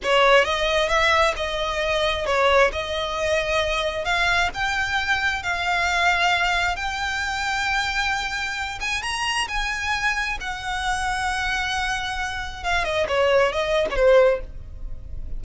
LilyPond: \new Staff \with { instrumentName = "violin" } { \time 4/4 \tempo 4 = 133 cis''4 dis''4 e''4 dis''4~ | dis''4 cis''4 dis''2~ | dis''4 f''4 g''2 | f''2. g''4~ |
g''2.~ g''8 gis''8 | ais''4 gis''2 fis''4~ | fis''1 | f''8 dis''8 cis''4 dis''8. cis''16 c''4 | }